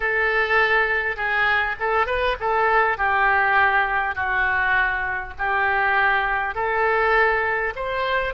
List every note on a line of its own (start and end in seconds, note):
0.00 1.16 A4
1.16 1.75 G#4
1.79 2.06 A4
2.06 2.36 B4
2.40 2.97 A4
2.97 4.14 G4
4.14 5.33 F#4
5.38 6.54 G4
6.54 7.73 A4
7.75 8.33 C5